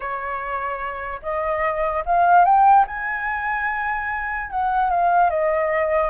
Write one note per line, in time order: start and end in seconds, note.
0.00 1.20 C#5
1.22 2.04 D#5
2.05 2.45 F5
2.45 2.85 G5
2.87 4.50 G#5
4.50 4.90 F#5
4.90 5.30 F5
5.30 6.10 D#5